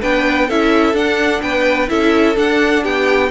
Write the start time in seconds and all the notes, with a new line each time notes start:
0.00 B3 D4 B4 G5
0.47 C#4 E4 A4 E5
0.93 D4 F#5
1.41 B3 B4 G5
1.88 C#4 E4 A4 E5
2.34 D4 F#5
2.82 B3 G4 G5